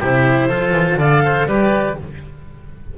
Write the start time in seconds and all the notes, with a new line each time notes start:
0.00 C3 E4 G4 C5
0.49 F3 F4 A4
0.72 E3
0.96 D3 A4 D5 F5
1.25 C5
1.46 G3 G4 B4 D5